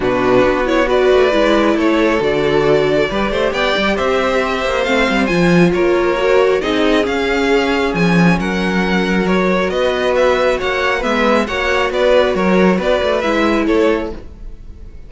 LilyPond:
<<
  \new Staff \with { instrumentName = "violin" } { \time 4/4 \tempo 4 = 136 b'4. cis''8 d''2 | cis''4 d''2. | g''4 e''2 f''4 | gis''4 cis''2 dis''4 |
f''2 gis''4 fis''4~ | fis''4 cis''4 dis''4 e''4 | fis''4 e''4 fis''4 d''4 | cis''4 d''4 e''4 cis''4 | }
  \new Staff \with { instrumentName = "violin" } { \time 4/4 fis'2 b'2 | a'2. b'8 c''8 | d''4 c''2.~ | c''4 ais'2 gis'4~ |
gis'2. ais'4~ | ais'2 b'2 | cis''4 b'4 cis''4 b'4 | ais'4 b'2 a'4 | }
  \new Staff \with { instrumentName = "viola" } { \time 4/4 d'4. e'8 fis'4 e'4~ | e'4 fis'2 g'4~ | g'2. c'4 | f'2 fis'4 dis'4 |
cis'1~ | cis'4 fis'2.~ | fis'4 b4 fis'2~ | fis'2 e'2 | }
  \new Staff \with { instrumentName = "cello" } { \time 4/4 b,4 b4. a8 gis4 | a4 d2 g8 a8 | b8 g8 c'4. ais8 a8 g8 | f4 ais2 c'4 |
cis'2 f4 fis4~ | fis2 b2 | ais4 gis4 ais4 b4 | fis4 b8 a8 gis4 a4 | }
>>